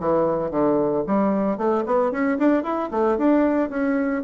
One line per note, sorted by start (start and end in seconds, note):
0.00 0.51 E3
0.51 1.04 D3
1.07 1.57 G3
1.57 1.84 A3
1.86 2.11 B3
2.11 2.38 C#4
2.38 2.63 D4
2.63 2.90 E4
2.91 3.18 A3
3.18 3.70 D4
3.70 4.23 C#4